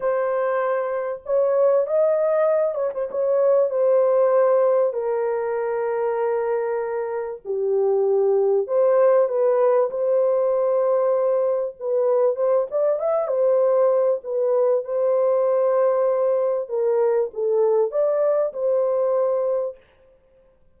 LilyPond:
\new Staff \with { instrumentName = "horn" } { \time 4/4 \tempo 4 = 97 c''2 cis''4 dis''4~ | dis''8 cis''16 c''16 cis''4 c''2 | ais'1 | g'2 c''4 b'4 |
c''2. b'4 | c''8 d''8 e''8 c''4. b'4 | c''2. ais'4 | a'4 d''4 c''2 | }